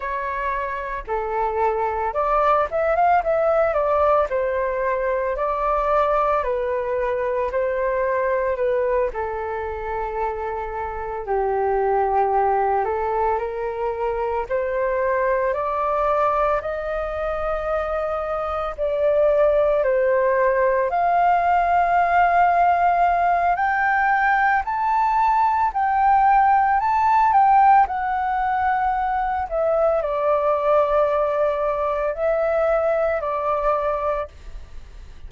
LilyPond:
\new Staff \with { instrumentName = "flute" } { \time 4/4 \tempo 4 = 56 cis''4 a'4 d''8 e''16 f''16 e''8 d''8 | c''4 d''4 b'4 c''4 | b'8 a'2 g'4. | a'8 ais'4 c''4 d''4 dis''8~ |
dis''4. d''4 c''4 f''8~ | f''2 g''4 a''4 | g''4 a''8 g''8 fis''4. e''8 | d''2 e''4 d''4 | }